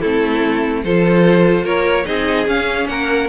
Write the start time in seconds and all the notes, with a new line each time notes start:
0.00 A3 C4 E4 A4
0.84 F3 F4 A4 C5
1.64 A#3 A#4 C#5
2.04 C4 D#4 G#4 D#5
2.46 C#4 F5
2.87 A#3 A#4 F#5